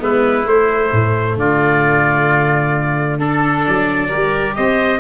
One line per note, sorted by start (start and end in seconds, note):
0.00 0.46 G#3
0.00 0.45 B3
0.00 1.39 E4
0.00 0.48 B4
0.46 0.92 A3
0.46 3.20 A3
0.46 1.39 C5
0.92 1.37 A2
1.37 3.64 D3
1.37 3.19 F4
1.37 3.21 D5
3.19 4.10 D4
3.19 4.09 A4
3.19 3.66 A4
3.67 4.14 F#3
3.67 4.56 D5
4.09 4.58 G3
4.09 5.00 G4
4.09 4.54 A#4
4.56 5.00 C4
4.56 5.00 C5
4.56 5.00 D#5